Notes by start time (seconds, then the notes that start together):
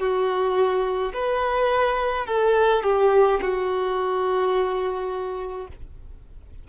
0.00 F#4
1.14 B4
2.27 A4
2.84 G4
3.42 F#4